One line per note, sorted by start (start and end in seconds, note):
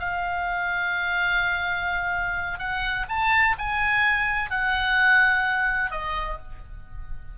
0.00 2.59 F5
2.59 3.06 F#5
3.09 3.56 A5
3.59 4.51 G#5
4.51 5.91 F#5
5.91 6.38 D#5